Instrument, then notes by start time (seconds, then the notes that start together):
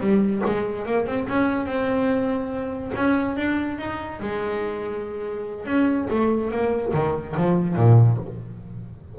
double bass
0.00 G3
0.46 G#3
0.86 A#3
1.06 C4
1.28 C#4
1.66 C4
2.95 C#4
3.36 D4
3.79 D#4
4.20 G#3
5.65 C#4
6.10 A3
6.51 A#3
6.93 D#3
7.37 F3
7.76 A#2